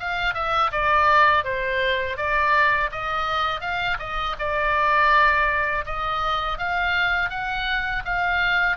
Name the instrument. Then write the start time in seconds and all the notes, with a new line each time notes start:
oboe
0.00 F5
0.35 E5
0.72 D5
1.45 C5
2.17 D5
2.91 D#5
3.61 F5
3.99 D#5
4.39 D5
5.86 D#5
6.59 F5
7.30 F#5
8.05 F5